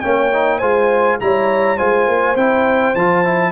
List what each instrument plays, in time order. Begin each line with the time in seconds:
0.00 tuba A#3, trombone C#4, horn C#5, trumpet G5
0.33 trombone D#4
0.58 tuba G#3, trombone F4, horn C5, trumpet G#5
1.20 tuba G3, trombone E4, horn C#5, trumpet A#5
1.77 tuba G#3, trombone F4, horn C5, trumpet G#5
2.07 tuba A#3
2.35 tuba C4, trombone E4, trumpet G5
2.94 tuba F3, trombone F4, trumpet A5
3.24 trombone E4